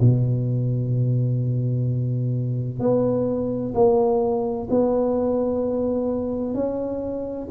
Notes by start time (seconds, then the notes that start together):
0.00 B2
2.79 B3
3.74 A#3
4.70 B3
6.54 C#4